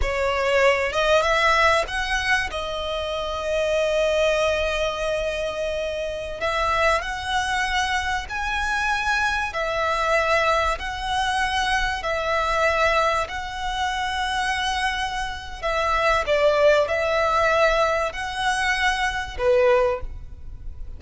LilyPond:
\new Staff \with { instrumentName = "violin" } { \time 4/4 \tempo 4 = 96 cis''4. dis''8 e''4 fis''4 | dis''1~ | dis''2~ dis''16 e''4 fis''8.~ | fis''4~ fis''16 gis''2 e''8.~ |
e''4~ e''16 fis''2 e''8.~ | e''4~ e''16 fis''2~ fis''8.~ | fis''4 e''4 d''4 e''4~ | e''4 fis''2 b'4 | }